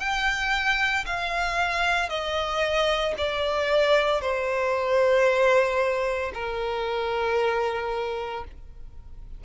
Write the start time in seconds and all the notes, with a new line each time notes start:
0.00 G5
1.06 F5
2.10 D#5
3.18 D5
4.22 C5
6.34 A#4